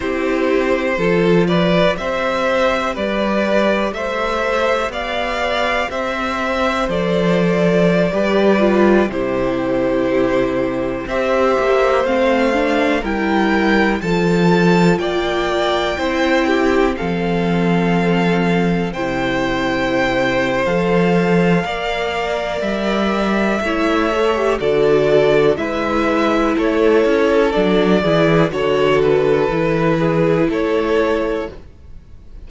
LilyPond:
<<
  \new Staff \with { instrumentName = "violin" } { \time 4/4 \tempo 4 = 61 c''4. d''8 e''4 d''4 | e''4 f''4 e''4 d''4~ | d''4~ d''16 c''2 e''8.~ | e''16 f''4 g''4 a''4 g''8.~ |
g''4~ g''16 f''2 g''8.~ | g''4 f''2 e''4~ | e''4 d''4 e''4 cis''4 | d''4 cis''8 b'4. cis''4 | }
  \new Staff \with { instrumentName = "violin" } { \time 4/4 g'4 a'8 b'8 c''4 b'4 | c''4 d''4 c''2~ | c''16 b'4 g'2 c''8.~ | c''4~ c''16 ais'4 a'4 d''8.~ |
d''16 c''8 g'8 a'2 c''8.~ | c''2 d''2 | cis''4 a'4 b'4 a'4~ | a'8 gis'8 a'4. gis'8 a'4 | }
  \new Staff \with { instrumentName = "viola" } { \time 4/4 e'4 f'4 g'2~ | g'2. a'4~ | a'16 g'8 f'8 e'2 g'8.~ | g'16 c'8 d'8 e'4 f'4.~ f'16~ |
f'16 e'4 c'2 e'8.~ | e'4 a'4 ais'2 | e'8 a'16 g'16 fis'4 e'2 | d'8 e'8 fis'4 e'2 | }
  \new Staff \with { instrumentName = "cello" } { \time 4/4 c'4 f4 c'4 g4 | a4 b4 c'4 f4~ | f16 g4 c2 c'8 ais16~ | ais16 a4 g4 f4 ais8.~ |
ais16 c'4 f2 c8.~ | c4 f4 ais4 g4 | a4 d4 gis4 a8 cis'8 | fis8 e8 d4 e4 a4 | }
>>